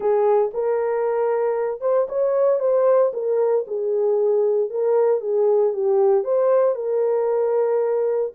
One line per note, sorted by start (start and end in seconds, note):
0.00 0.51 G#4
0.53 1.80 A#4
1.80 2.07 C5
2.09 2.59 C#5
2.59 3.11 C5
3.13 3.65 A#4
3.67 4.70 G#4
4.70 5.21 A#4
5.21 5.73 G#4
5.73 6.23 G4
6.23 6.75 C5
6.75 8.31 A#4